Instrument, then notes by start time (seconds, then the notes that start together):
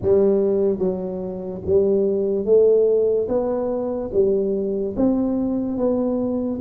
tuba
0.01 G3
0.78 F#3
1.65 G3
2.45 A3
3.28 B3
4.13 G3
4.96 C4
5.77 B3